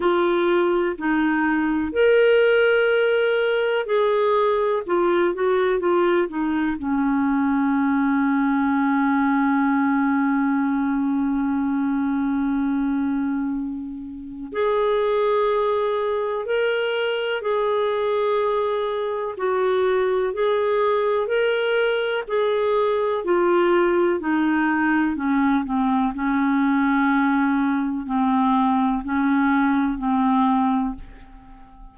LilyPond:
\new Staff \with { instrumentName = "clarinet" } { \time 4/4 \tempo 4 = 62 f'4 dis'4 ais'2 | gis'4 f'8 fis'8 f'8 dis'8 cis'4~ | cis'1~ | cis'2. gis'4~ |
gis'4 ais'4 gis'2 | fis'4 gis'4 ais'4 gis'4 | f'4 dis'4 cis'8 c'8 cis'4~ | cis'4 c'4 cis'4 c'4 | }